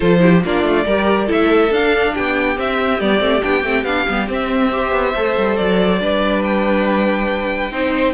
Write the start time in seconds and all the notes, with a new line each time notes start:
0.00 F3 F4 A4 C5
0.19 E4 G4
0.44 A#3 D4 F4 D5
0.63 A3
0.85 G3 G4 A#4
1.27 A3 E4 A4 E5
1.70 D4 F5
2.13 B3 G4 G5
2.56 C4 E5
3.00 G3 B3 D5
3.18 A3 C4
3.41 B3 D4 G5
3.63 A3 C4
3.83 B3 D4 F5
4.07 G3 B3
4.27 C4 E5
4.71 G4 C5
4.92 B3
5.14 A3 A4
5.37 G3
5.56 F#3 D5
5.99 G3 D4 B4
6.43 G5
7.71 C4 D#4 C5